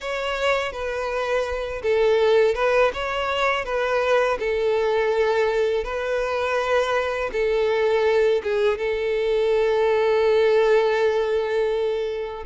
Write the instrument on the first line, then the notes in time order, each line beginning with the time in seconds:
violin
0.00 C#5
0.72 B4
1.82 A4
2.54 B4
2.93 C#5
3.65 B4
4.39 A4
5.84 B4
7.32 A4
8.43 G#4
8.78 A4